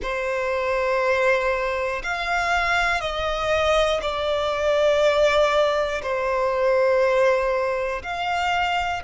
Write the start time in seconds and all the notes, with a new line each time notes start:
0.02 C5
2.03 F5
3.00 D#5
4.01 D5
6.02 C5
8.03 F5